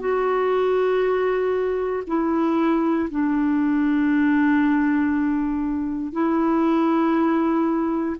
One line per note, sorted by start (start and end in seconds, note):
0.00 2.03 F#4
2.07 3.09 E4
3.10 6.13 D4
6.13 8.16 E4